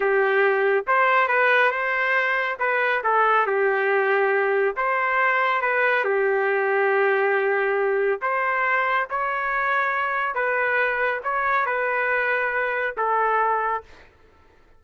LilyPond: \new Staff \with { instrumentName = "trumpet" } { \time 4/4 \tempo 4 = 139 g'2 c''4 b'4 | c''2 b'4 a'4 | g'2. c''4~ | c''4 b'4 g'2~ |
g'2. c''4~ | c''4 cis''2. | b'2 cis''4 b'4~ | b'2 a'2 | }